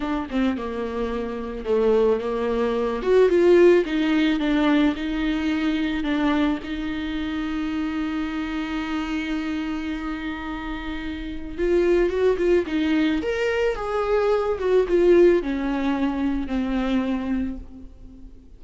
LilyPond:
\new Staff \with { instrumentName = "viola" } { \time 4/4 \tempo 4 = 109 d'8 c'8 ais2 a4 | ais4. fis'8 f'4 dis'4 | d'4 dis'2 d'4 | dis'1~ |
dis'1~ | dis'4 f'4 fis'8 f'8 dis'4 | ais'4 gis'4. fis'8 f'4 | cis'2 c'2 | }